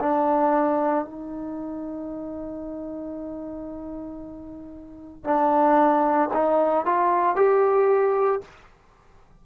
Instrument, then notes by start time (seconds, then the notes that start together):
trombone
0.00 D4
1.05 D#4
5.24 D4
6.33 D#4
6.86 F4
7.36 G4